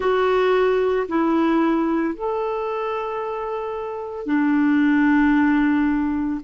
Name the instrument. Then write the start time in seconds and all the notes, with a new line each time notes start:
clarinet
0.00 F#4
1.08 E4
2.14 A4
4.26 D4